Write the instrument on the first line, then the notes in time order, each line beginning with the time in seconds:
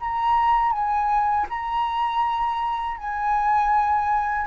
flute
0.00 A#5
0.72 G#5
1.49 A#5
2.97 G#5